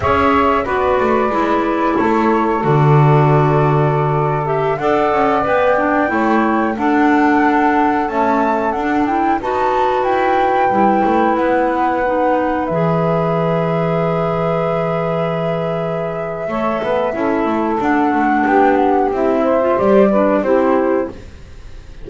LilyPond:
<<
  \new Staff \with { instrumentName = "flute" } { \time 4/4 \tempo 4 = 91 e''4 d''2 cis''4 | d''2~ d''8. e''8 fis''8.~ | fis''16 g''2 fis''4.~ fis''16~ | fis''16 a''4 fis''8 g''8 a''4 g''8.~ |
g''4~ g''16 fis''2 e''8.~ | e''1~ | e''2. fis''4 | g''8 fis''8 e''4 d''4 c''4 | }
  \new Staff \with { instrumentName = "saxophone" } { \time 4/4 cis''4 b'2 a'4~ | a'2.~ a'16 d''8.~ | d''4~ d''16 cis''4 a'4.~ a'16~ | a'2~ a'16 b'4.~ b'16~ |
b'1~ | b'1~ | b'4 cis''8 b'8 a'2 | g'4. c''4 b'8 g'4 | }
  \new Staff \with { instrumentName = "clarinet" } { \time 4/4 gis'4 fis'4 e'2 | fis'2~ fis'8. g'8 a'8.~ | a'16 b'8 d'8 e'4 d'4.~ d'16~ | d'16 a4 d'8 e'8 fis'4.~ fis'16~ |
fis'16 e'2 dis'4 gis'8.~ | gis'1~ | gis'4 a'4 e'4 d'4~ | d'4 e'8. f'16 g'8 d'8 e'4 | }
  \new Staff \with { instrumentName = "double bass" } { \time 4/4 cis'4 b8 a8 gis4 a4 | d2.~ d16 d'8 cis'16~ | cis'16 b4 a4 d'4.~ d'16~ | d'16 cis'4 d'4 dis'4 e'8.~ |
e'16 g8 a8 b2 e8.~ | e1~ | e4 a8 b8 cis'8 a8 d'8 a8 | b4 c'4 g4 c'4 | }
>>